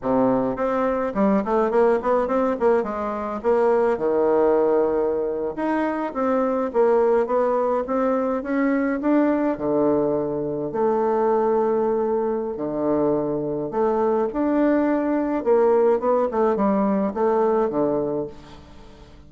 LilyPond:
\new Staff \with { instrumentName = "bassoon" } { \time 4/4 \tempo 4 = 105 c4 c'4 g8 a8 ais8 b8 | c'8 ais8 gis4 ais4 dis4~ | dis4.~ dis16 dis'4 c'4 ais16~ | ais8. b4 c'4 cis'4 d'16~ |
d'8. d2 a4~ a16~ | a2 d2 | a4 d'2 ais4 | b8 a8 g4 a4 d4 | }